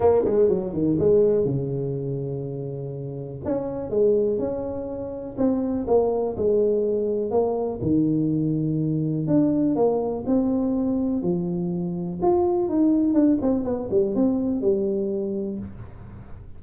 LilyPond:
\new Staff \with { instrumentName = "tuba" } { \time 4/4 \tempo 4 = 123 ais8 gis8 fis8 dis8 gis4 cis4~ | cis2. cis'4 | gis4 cis'2 c'4 | ais4 gis2 ais4 |
dis2. d'4 | ais4 c'2 f4~ | f4 f'4 dis'4 d'8 c'8 | b8 g8 c'4 g2 | }